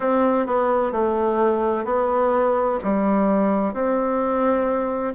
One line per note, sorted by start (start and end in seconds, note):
0.00 0.46 C4
0.46 0.92 B3
0.92 1.85 A3
1.85 2.78 B3
2.83 3.73 G3
3.73 5.13 C4